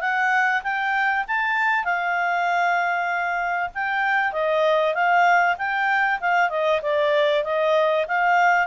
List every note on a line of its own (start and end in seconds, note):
0.00 0.62 F#5
0.63 1.25 G5
1.27 1.84 A5
1.84 3.69 F5
3.74 4.32 G5
4.32 4.94 D#5
4.94 5.56 F5
5.58 6.19 G5
6.20 6.49 F5
6.49 6.80 D#5
6.82 7.44 D5
7.44 8.06 D#5
8.07 8.67 F5